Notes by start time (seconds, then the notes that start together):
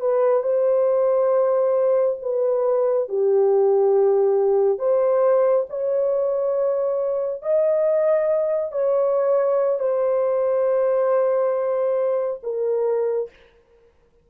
0.00 B4
0.43 C5
2.21 B4
3.08 G4
4.78 C5
5.69 C#5
7.42 D#5
8.71 C#5
9.79 C5
12.43 A#4